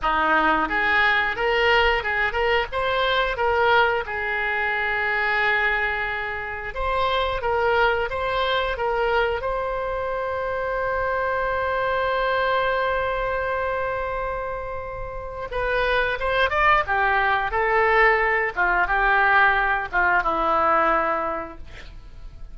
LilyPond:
\new Staff \with { instrumentName = "oboe" } { \time 4/4 \tempo 4 = 89 dis'4 gis'4 ais'4 gis'8 ais'8 | c''4 ais'4 gis'2~ | gis'2 c''4 ais'4 | c''4 ais'4 c''2~ |
c''1~ | c''2. b'4 | c''8 d''8 g'4 a'4. f'8 | g'4. f'8 e'2 | }